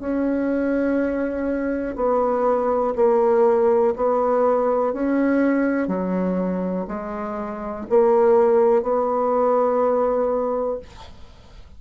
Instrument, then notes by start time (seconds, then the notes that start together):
bassoon
0.00 C#4
1.96 B3
2.96 A#3
3.97 B3
4.94 C#4
5.88 F#3
6.88 G#3
7.90 A#3
8.83 B3